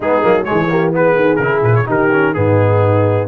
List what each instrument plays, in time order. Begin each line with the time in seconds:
0.00 tuba G#3, trombone B3, horn D#4, trumpet G#4
0.22 tuba F#3, trombone A#3
0.44 trombone G#3, horn G#4, trumpet C#5
0.51 tuba E3
0.69 trombone A#3, horn G4
0.91 trombone B3, horn G#4, trumpet B4
1.15 tuba D#3
1.36 tuba C#3, trumpet A#4
1.42 trombone E4
1.62 tuba A#2, trumpet B4
1.75 trumpet C#5
1.85 tuba D#3, trombone D#4, horn G4, trumpet A#4
2.12 trombone C#4
2.33 tuba G#2, trombone B3, horn D#4, trumpet G#4